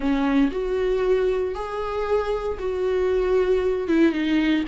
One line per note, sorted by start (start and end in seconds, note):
0.00 0.50 C#4
0.51 1.54 F#4
1.54 2.58 G#4
2.59 3.88 F#4
3.88 4.12 E4
4.12 4.64 D#4